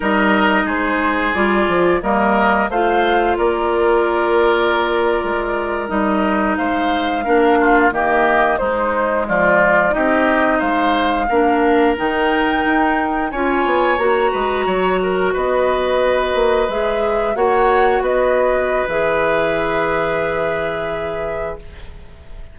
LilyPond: <<
  \new Staff \with { instrumentName = "flute" } { \time 4/4 \tempo 4 = 89 dis''4 c''4 d''4 dis''4 | f''4 d''2.~ | d''8. dis''4 f''2 dis''16~ | dis''8. c''4 d''4 dis''4 f''16~ |
f''4.~ f''16 g''2 gis''16~ | gis''8. ais''2 dis''4~ dis''16~ | dis''8. e''4 fis''4 dis''4~ dis''16 | e''1 | }
  \new Staff \with { instrumentName = "oboe" } { \time 4/4 ais'4 gis'2 ais'4 | c''4 ais'2.~ | ais'4.~ ais'16 c''4 ais'8 f'8 g'16~ | g'8. dis'4 f'4 g'4 c''16~ |
c''8. ais'2. cis''16~ | cis''4~ cis''16 b'8 cis''8 ais'8 b'4~ b'16~ | b'4.~ b'16 cis''4 b'4~ b'16~ | b'1 | }
  \new Staff \with { instrumentName = "clarinet" } { \time 4/4 dis'2 f'4 ais4 | f'1~ | f'8. dis'2 d'4 ais16~ | ais8. gis2 dis'4~ dis'16~ |
dis'8. d'4 dis'2 f'16~ | f'8. fis'2.~ fis'16~ | fis'8. gis'4 fis'2~ fis'16 | gis'1 | }
  \new Staff \with { instrumentName = "bassoon" } { \time 4/4 g4 gis4 g8 f8 g4 | a4 ais2~ ais8. gis16~ | gis8. g4 gis4 ais4 dis16~ | dis8. gis4 f4 c'4 gis16~ |
gis8. ais4 dis4 dis'4 cis'16~ | cis'16 b8 ais8 gis8 fis4 b4~ b16~ | b16 ais8 gis4 ais4 b4~ b16 | e1 | }
>>